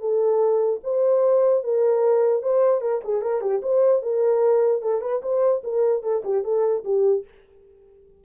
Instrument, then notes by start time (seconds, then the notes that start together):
horn
0.00 A4
0.83 C5
1.63 A#4
2.43 C5
2.81 A#4
3.04 G#4
3.21 A#4
3.41 G4
3.62 C5
4.02 A#4
4.82 A4
5.01 B4
5.22 C5
5.63 A#4
6.03 A4
6.24 G4
6.44 A4
6.85 G4